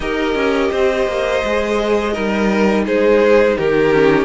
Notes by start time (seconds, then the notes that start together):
0.00 D#4 G4 A#4 D#5
0.34 C#4
0.71 C4 C5
1.07 A#3
1.44 G#3 G#4
2.12 G3 D#4 A#4
2.86 G#3 G#4 C5
3.57 D#3 G4 A#4
3.93 C#4